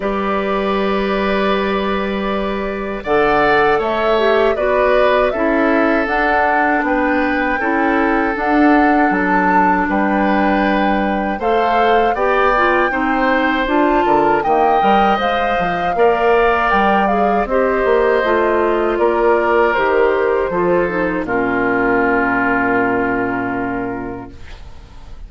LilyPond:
<<
  \new Staff \with { instrumentName = "flute" } { \time 4/4 \tempo 4 = 79 d''1 | fis''4 e''4 d''4 e''4 | fis''4 g''2 fis''4 | a''4 g''2 f''4 |
g''2 a''4 g''4 | f''2 g''8 f''8 dis''4~ | dis''4 d''4 c''2 | ais'1 | }
  \new Staff \with { instrumentName = "oboe" } { \time 4/4 b'1 | d''4 cis''4 b'4 a'4~ | a'4 b'4 a'2~ | a'4 b'2 c''4 |
d''4 c''4. ais'8 dis''4~ | dis''4 d''2 c''4~ | c''4 ais'2 a'4 | f'1 | }
  \new Staff \with { instrumentName = "clarinet" } { \time 4/4 g'1 | a'4. g'8 fis'4 e'4 | d'2 e'4 d'4~ | d'2. a'4 |
g'8 f'8 dis'4 f'4 ais8 ais'8 | c''4 ais'4. gis'8 g'4 | f'2 g'4 f'8 dis'8 | cis'1 | }
  \new Staff \with { instrumentName = "bassoon" } { \time 4/4 g1 | d4 a4 b4 cis'4 | d'4 b4 cis'4 d'4 | fis4 g2 a4 |
b4 c'4 d'8 d8 dis8 g8 | gis8 f8 ais4 g4 c'8 ais8 | a4 ais4 dis4 f4 | ais,1 | }
>>